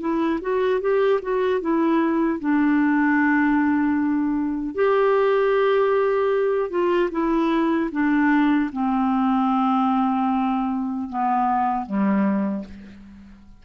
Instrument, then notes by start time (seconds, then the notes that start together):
clarinet
0.00 E4
0.41 F#4
0.80 G4
1.22 F#4
1.60 E4
2.40 D4
4.75 G4
6.70 F4
7.11 E4
7.91 D4
8.72 C4
11.09 B3
11.86 G3